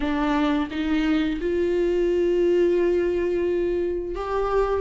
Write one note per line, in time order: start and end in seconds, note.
0.00 0.68 D4
0.70 1.39 D#4
1.40 4.15 F4
4.15 4.81 G4